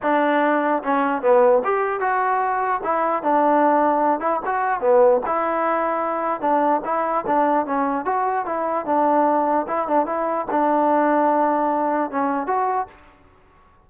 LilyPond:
\new Staff \with { instrumentName = "trombone" } { \time 4/4 \tempo 4 = 149 d'2 cis'4 b4 | g'4 fis'2 e'4 | d'2~ d'8 e'8 fis'4 | b4 e'2. |
d'4 e'4 d'4 cis'4 | fis'4 e'4 d'2 | e'8 d'8 e'4 d'2~ | d'2 cis'4 fis'4 | }